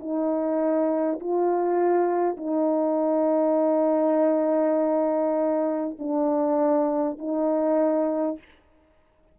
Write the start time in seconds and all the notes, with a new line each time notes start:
0.00 D#4
1.21 F4
2.37 D#4
5.99 D4
7.19 D#4